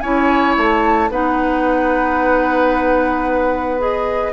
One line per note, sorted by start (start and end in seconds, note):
0.00 0.56 C#4
0.00 1.11 E4
0.00 1.11 C#5
0.00 0.54 G#5
0.57 1.10 A3
0.57 1.11 A5
1.10 4.33 B3
1.10 3.78 D#4
1.10 4.33 B4
1.10 3.81 F#5
3.78 4.32 G#4
3.78 4.33 D#5